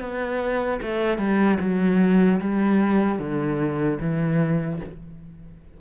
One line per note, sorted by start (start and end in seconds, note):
0.00 0.80 B3
0.82 1.18 A3
1.18 1.58 G3
1.60 2.40 F#3
2.40 3.19 G3
3.19 3.99 D3
4.00 4.80 E3